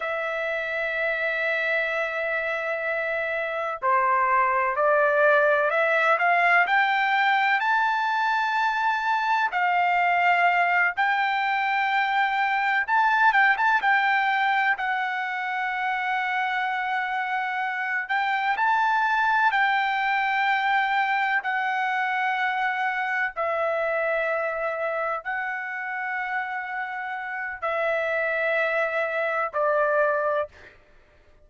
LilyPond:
\new Staff \with { instrumentName = "trumpet" } { \time 4/4 \tempo 4 = 63 e''1 | c''4 d''4 e''8 f''8 g''4 | a''2 f''4. g''8~ | g''4. a''8 g''16 a''16 g''4 fis''8~ |
fis''2. g''8 a''8~ | a''8 g''2 fis''4.~ | fis''8 e''2 fis''4.~ | fis''4 e''2 d''4 | }